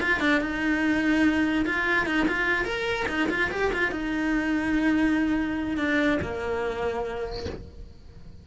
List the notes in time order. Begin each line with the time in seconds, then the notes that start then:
0.00 F4
0.20 D4
0.41 D#4
1.66 F4
2.06 D#4
2.28 F4
2.65 A#4
3.09 D#4
3.30 F4
3.51 G4
3.73 F4
3.92 D#4
5.77 D4
6.22 A#3